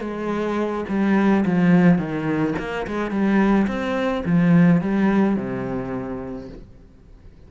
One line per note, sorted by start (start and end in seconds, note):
0.00 0.84 G#3
0.88 1.44 G3
1.45 1.98 F3
1.98 2.54 D#3
2.58 2.86 A#3
2.86 3.10 G#3
3.10 3.66 G3
3.67 4.23 C4
4.25 4.81 F3
4.81 5.36 G3
5.36 6.48 C3